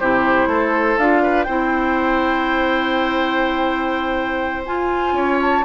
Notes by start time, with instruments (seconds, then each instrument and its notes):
0.00 bassoon C3, clarinet E4, oboe G4, flute C5
0.47 bassoon A3, oboe A4
0.98 bassoon D4, clarinet F4, flute F5
1.23 oboe B4
1.43 bassoon C4, clarinet E4, oboe C5, flute G5
4.66 clarinet F4, bassoon F4, flute G#5
5.13 bassoon C#4, oboe C#5
5.42 flute A5